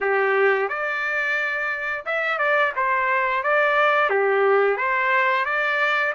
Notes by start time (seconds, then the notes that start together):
0.01 G4
0.68 D5
2.05 E5
2.38 D5
2.76 C5
3.43 D5
4.09 G4
4.77 C5
5.45 D5